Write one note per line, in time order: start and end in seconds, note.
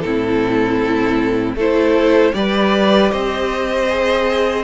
0.00 1.55 A2
0.00 1.59 C4
0.00 1.56 E4
0.00 1.54 A4
1.55 2.32 A3
1.55 2.33 E4
1.55 2.33 A4
1.55 2.34 C5
2.33 3.11 G3
2.33 3.87 G4
2.33 3.12 B4
2.33 3.11 D5
3.11 4.64 C4
3.11 4.64 C5
3.11 4.64 D#5
3.89 4.64 G#4